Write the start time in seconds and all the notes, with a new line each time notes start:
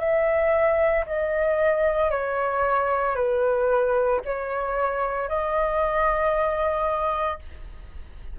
0.00 E5
1.07 D#5
2.11 C#5
3.16 B4
4.25 C#5
5.29 D#5